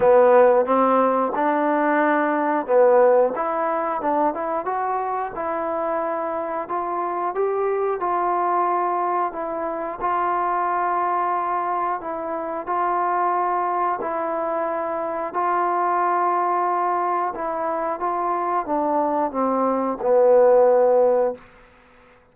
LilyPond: \new Staff \with { instrumentName = "trombone" } { \time 4/4 \tempo 4 = 90 b4 c'4 d'2 | b4 e'4 d'8 e'8 fis'4 | e'2 f'4 g'4 | f'2 e'4 f'4~ |
f'2 e'4 f'4~ | f'4 e'2 f'4~ | f'2 e'4 f'4 | d'4 c'4 b2 | }